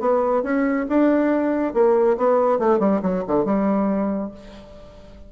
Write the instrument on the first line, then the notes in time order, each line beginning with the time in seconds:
bassoon
0.00 B3
0.43 C#4
0.89 D4
1.74 A#3
2.18 B3
2.59 A3
2.80 G3
3.03 F#3
3.28 D3
3.45 G3